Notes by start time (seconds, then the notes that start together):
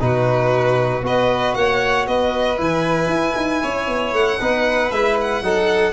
0.00 B2 D#4 F#4 B4
1.02 B3 F#4 B4 D#5
1.55 A#3 C#5 F#5
2.07 B3 B4 D#5
2.57 E3 E4 G#5
3.07 E4
3.36 D#4
3.62 C#4 C#5
3.88 B3
4.13 A3 F#5
4.39 B3 D#4 B4
4.91 G#3 E4 E5
5.21 F#5
5.42 F#3 D#4 A4